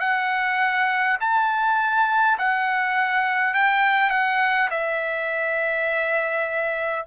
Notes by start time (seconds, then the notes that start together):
0.00 F#5
1.20 A5
2.39 F#5
3.54 G5
4.10 F#5
4.70 E5